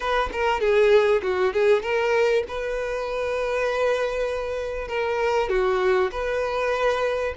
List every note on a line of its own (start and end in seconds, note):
0.00 0.29 B4
0.32 0.60 A#4
0.60 1.21 G#4
1.22 1.53 F#4
1.53 1.82 G#4
1.82 2.43 A#4
2.48 4.88 B4
4.88 5.49 A#4
5.49 6.10 F#4
6.11 7.34 B4